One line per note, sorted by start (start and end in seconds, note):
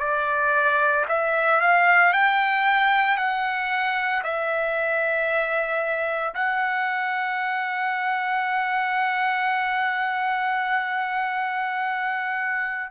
0.00 1.05 D5
1.09 1.61 E5
1.61 2.13 F5
2.13 3.18 G5
3.18 4.23 F#5
4.23 6.34 E5
6.34 12.91 F#5